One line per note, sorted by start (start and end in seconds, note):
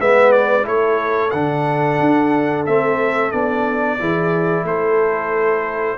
0.00 0.67 G#3
0.00 0.63 B3
0.00 0.66 B4
0.00 0.32 E5
0.32 0.65 D5
0.63 1.33 A3
0.63 1.30 E4
0.63 3.99 A4
0.63 1.31 C#5
1.31 2.00 D3
1.31 2.67 D4
1.31 2.64 F#5
2.00 2.67 D4
2.66 3.33 A3
2.66 3.33 C4
2.66 3.32 E5
3.32 4.00 B3
3.32 3.99 D4
3.32 4.65 D5
4.00 4.64 E3
4.00 5.98 E4
4.00 4.65 G#4
4.64 5.98 A3
4.64 5.98 A4
4.64 5.98 C5